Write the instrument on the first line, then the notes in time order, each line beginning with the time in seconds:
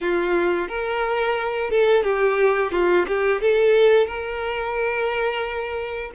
violin
0.00 F4
0.68 A#4
1.70 A4
2.03 G4
2.71 F4
3.07 G4
3.41 A4
4.06 A#4